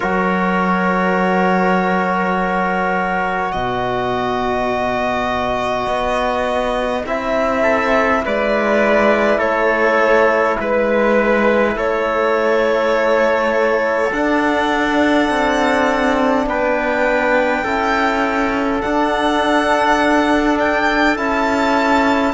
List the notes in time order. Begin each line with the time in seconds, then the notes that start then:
0.00 F#3 F#4 A#4 C#5
3.52 B2 B4 D#5
5.86 B3
7.05 C4 E4 E5
7.62 A4
8.25 G#3 B4 D5
9.38 A3 A4 C#5
10.59 G#3 B4
11.75 A3 A4 C#5
14.11 D4 F#5
15.29 C4
16.46 B3 B4 G5
17.63 C#4 E4 A4
18.81 D4 F#5
20.59 G5
21.16 C#4 E4 A5